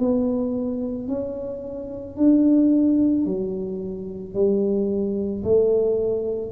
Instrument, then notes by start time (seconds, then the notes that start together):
tuba
0.00 B3
1.09 C#4
2.17 D4
3.26 F#3
4.35 G3
5.44 A3